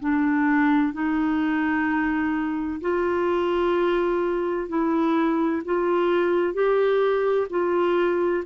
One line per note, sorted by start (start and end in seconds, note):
0.00 0.93 D4
0.93 2.81 D#4
2.81 4.69 F4
4.69 5.62 E4
5.65 6.54 F4
6.54 7.47 G4
7.50 8.44 F4